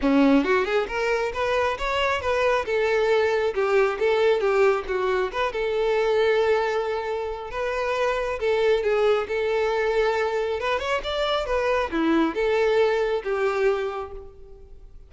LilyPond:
\new Staff \with { instrumentName = "violin" } { \time 4/4 \tempo 4 = 136 cis'4 fis'8 gis'8 ais'4 b'4 | cis''4 b'4 a'2 | g'4 a'4 g'4 fis'4 | b'8 a'2.~ a'8~ |
a'4 b'2 a'4 | gis'4 a'2. | b'8 cis''8 d''4 b'4 e'4 | a'2 g'2 | }